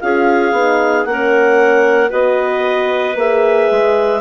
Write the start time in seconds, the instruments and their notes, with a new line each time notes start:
0.00 bassoon C#4, horn F4, clarinet G#4 F5
0.52 bassoon B3, horn D#4
1.05 bassoon A#3, horn C#4, clarinet A#4 F#5
2.10 bassoon B3, horn F#4, clarinet B4 D#5
3.15 bassoon A#3, horn G#4, clarinet E5
3.71 bassoon G#3